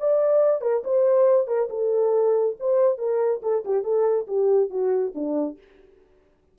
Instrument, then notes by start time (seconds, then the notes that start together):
horn
0.00 D5
0.61 A#4
0.84 C5
1.48 A#4
1.70 A4
2.60 C5
2.98 A#4
3.43 A4
3.65 G4
3.84 A4
4.27 G4
4.71 F#4
5.15 D4